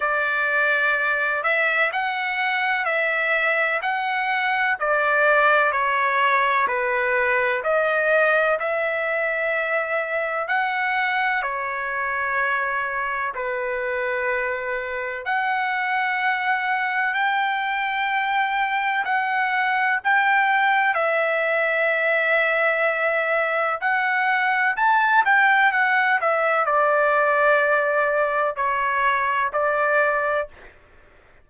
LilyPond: \new Staff \with { instrumentName = "trumpet" } { \time 4/4 \tempo 4 = 63 d''4. e''8 fis''4 e''4 | fis''4 d''4 cis''4 b'4 | dis''4 e''2 fis''4 | cis''2 b'2 |
fis''2 g''2 | fis''4 g''4 e''2~ | e''4 fis''4 a''8 g''8 fis''8 e''8 | d''2 cis''4 d''4 | }